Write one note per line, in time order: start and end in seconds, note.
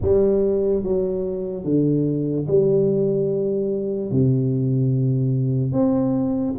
0.01 0.83 G3
0.83 1.64 F#3
1.64 2.46 D3
2.47 4.11 G3
4.11 5.72 C3
5.72 6.54 C4